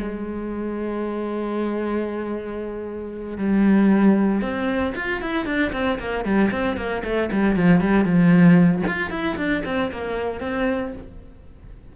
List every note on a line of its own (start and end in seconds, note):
0.00 3.38 G#3
3.38 4.42 G3
4.42 4.94 C4
4.96 5.22 F4
5.22 5.46 E4
5.46 5.72 D4
5.73 5.99 C4
6.00 6.25 A#3
6.25 6.51 G3
6.51 6.77 C4
6.77 7.03 A#3
7.04 7.30 A3
7.32 7.57 G3
7.57 7.81 F3
7.81 8.05 G3
8.05 8.83 F3
8.88 9.11 F4
9.11 9.37 E4
9.37 9.63 D4
9.66 9.92 C4
9.92 10.41 A#3
10.41 10.93 C4